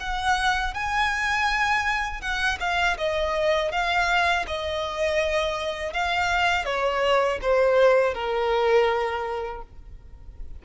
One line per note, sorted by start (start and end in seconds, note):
0.00 0.74 F#5
0.74 2.21 G#5
2.21 2.58 F#5
2.60 2.97 F5
2.98 3.72 D#5
3.72 4.46 F5
4.47 5.93 D#5
5.93 6.65 F5
6.65 7.39 C#5
7.41 8.14 C5
8.14 9.62 A#4